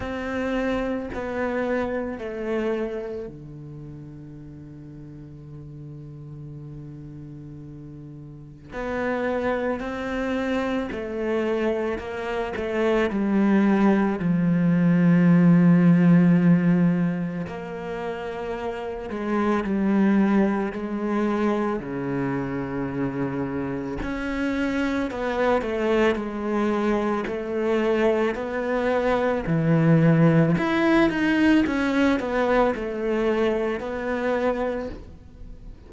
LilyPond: \new Staff \with { instrumentName = "cello" } { \time 4/4 \tempo 4 = 55 c'4 b4 a4 d4~ | d1 | b4 c'4 a4 ais8 a8 | g4 f2. |
ais4. gis8 g4 gis4 | cis2 cis'4 b8 a8 | gis4 a4 b4 e4 | e'8 dis'8 cis'8 b8 a4 b4 | }